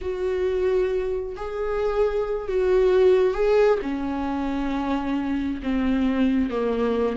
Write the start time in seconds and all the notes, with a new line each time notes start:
0.01 F#4
1.36 G#4
2.47 F#4
3.34 G#4
3.81 C#4
5.63 C4
6.50 A#3